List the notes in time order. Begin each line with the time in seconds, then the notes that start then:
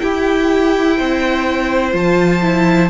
0.00 E4 G4 G5
0.98 C4 C5
1.93 F3 F4 A5
2.42 E4